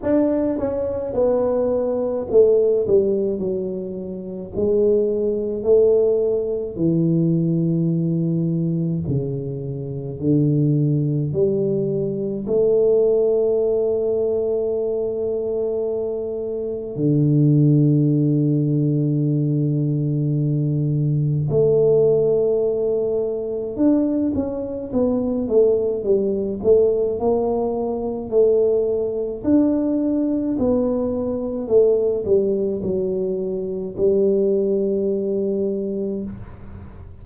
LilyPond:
\new Staff \with { instrumentName = "tuba" } { \time 4/4 \tempo 4 = 53 d'8 cis'8 b4 a8 g8 fis4 | gis4 a4 e2 | cis4 d4 g4 a4~ | a2. d4~ |
d2. a4~ | a4 d'8 cis'8 b8 a8 g8 a8 | ais4 a4 d'4 b4 | a8 g8 fis4 g2 | }